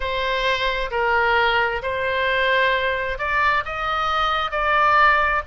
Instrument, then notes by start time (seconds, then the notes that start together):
oboe
0.00 C5
0.90 A#4
1.82 C5
3.18 D5
3.65 D#5
4.51 D5